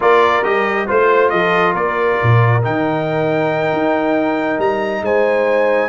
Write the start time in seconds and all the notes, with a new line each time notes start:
0.00 A#3 F4 A#4 D5
0.43 G3 G4 D#5
0.86 A3 F4 C5
1.29 F3 A4 D#5
1.73 A#3 A#4 D5
2.22 A#2
2.62 D#3 D#4 G5
3.72 D#4
4.58 G3 A#5
5.01 G#3 C5 G#5